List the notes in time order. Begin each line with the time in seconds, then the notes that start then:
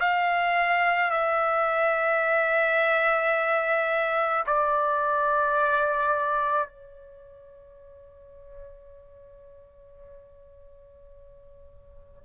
0.00 F5
1.11 E5
4.47 D5
6.68 C#5